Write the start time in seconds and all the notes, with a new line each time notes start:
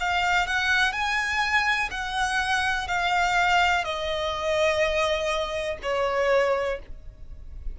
0.00 F5
0.47 F#5
0.92 G#5
1.91 F#5
2.88 F5
3.84 D#5
5.82 C#5